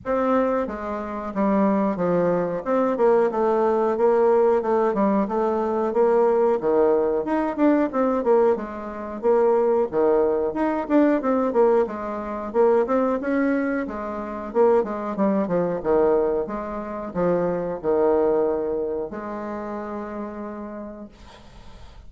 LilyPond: \new Staff \with { instrumentName = "bassoon" } { \time 4/4 \tempo 4 = 91 c'4 gis4 g4 f4 | c'8 ais8 a4 ais4 a8 g8 | a4 ais4 dis4 dis'8 d'8 | c'8 ais8 gis4 ais4 dis4 |
dis'8 d'8 c'8 ais8 gis4 ais8 c'8 | cis'4 gis4 ais8 gis8 g8 f8 | dis4 gis4 f4 dis4~ | dis4 gis2. | }